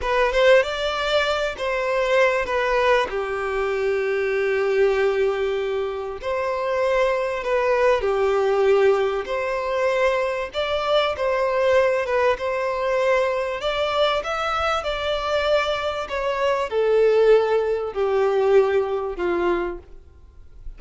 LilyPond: \new Staff \with { instrumentName = "violin" } { \time 4/4 \tempo 4 = 97 b'8 c''8 d''4. c''4. | b'4 g'2.~ | g'2 c''2 | b'4 g'2 c''4~ |
c''4 d''4 c''4. b'8 | c''2 d''4 e''4 | d''2 cis''4 a'4~ | a'4 g'2 f'4 | }